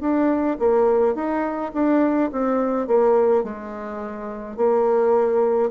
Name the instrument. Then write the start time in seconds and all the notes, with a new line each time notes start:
bassoon
0.00 D4
0.59 A#3
1.15 D#4
1.73 D4
2.32 C4
2.87 A#3
3.43 G#3
4.56 A#3